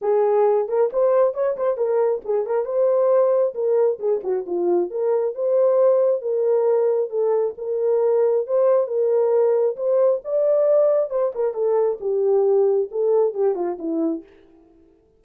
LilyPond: \new Staff \with { instrumentName = "horn" } { \time 4/4 \tempo 4 = 135 gis'4. ais'8 c''4 cis''8 c''8 | ais'4 gis'8 ais'8 c''2 | ais'4 gis'8 fis'8 f'4 ais'4 | c''2 ais'2 |
a'4 ais'2 c''4 | ais'2 c''4 d''4~ | d''4 c''8 ais'8 a'4 g'4~ | g'4 a'4 g'8 f'8 e'4 | }